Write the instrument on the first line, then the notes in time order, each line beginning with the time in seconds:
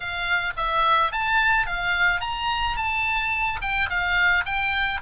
oboe
0.00 F5
0.56 E5
1.11 A5
1.66 F5
2.20 A#5
2.76 A5
3.61 G5
3.89 F5
4.45 G5